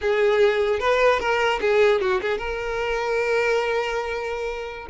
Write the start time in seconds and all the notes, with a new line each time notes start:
0.01 G#4
0.79 B4
1.19 A#4
1.60 G#4
2.00 F#4
2.21 G#4
2.38 A#4